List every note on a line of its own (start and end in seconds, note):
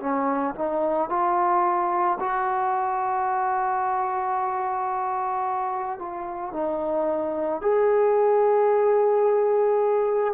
0.00 0.55 C#4
0.55 1.09 D#4
1.09 2.18 F4
2.20 5.99 F#4
5.99 6.53 F4
6.53 7.61 D#4
7.61 10.34 G#4